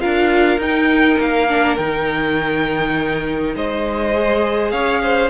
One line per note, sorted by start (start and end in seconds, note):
0.00 0.58 D4
0.00 0.59 F4
0.00 3.55 A#4
0.00 0.59 F5
0.58 1.17 D#4
0.58 1.48 D#4
0.58 1.20 G5
1.19 1.78 A#3
1.19 1.76 F5
1.48 1.78 D4
1.76 3.54 D#3
1.76 4.14 D#4
1.76 3.53 G5
3.56 4.72 G#3
3.56 4.72 C5
3.56 4.71 D#5
4.14 5.30 G#4
4.71 5.30 C#4
4.71 5.01 C#5
4.71 5.29 F5
5.03 5.30 C5